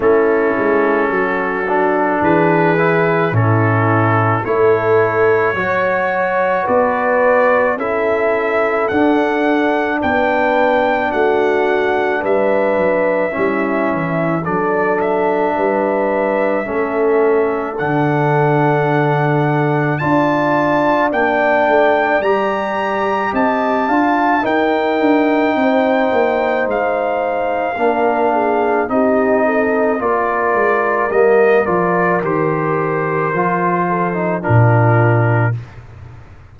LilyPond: <<
  \new Staff \with { instrumentName = "trumpet" } { \time 4/4 \tempo 4 = 54 a'2 b'4 a'4 | cis''2 d''4 e''4 | fis''4 g''4 fis''4 e''4~ | e''4 d''8 e''2~ e''8 |
fis''2 a''4 g''4 | ais''4 a''4 g''2 | f''2 dis''4 d''4 | dis''8 d''8 c''2 ais'4 | }
  \new Staff \with { instrumentName = "horn" } { \time 4/4 e'4 fis'4 gis'4 e'4 | a'4 cis''4 b'4 a'4~ | a'4 b'4 fis'4 b'4 | e'4 a'4 b'4 a'4~ |
a'2 d''2~ | d''4 dis''8 f''8 ais'4 c''4~ | c''4 ais'8 gis'8 g'8 a'8 ais'4~ | ais'2~ ais'8 a'8 f'4 | }
  \new Staff \with { instrumentName = "trombone" } { \time 4/4 cis'4. d'4 e'8 cis'4 | e'4 fis'2 e'4 | d'1 | cis'4 d'2 cis'4 |
d'2 f'4 d'4 | g'4. f'8 dis'2~ | dis'4 d'4 dis'4 f'4 | ais8 f'8 g'4 f'8. dis'16 d'4 | }
  \new Staff \with { instrumentName = "tuba" } { \time 4/4 a8 gis8 fis4 e4 a,4 | a4 fis4 b4 cis'4 | d'4 b4 a4 g8 fis8 | g8 e8 fis4 g4 a4 |
d2 d'4 ais8 a8 | g4 c'8 d'8 dis'8 d'8 c'8 ais8 | gis4 ais4 c'4 ais8 gis8 | g8 f8 dis4 f4 ais,4 | }
>>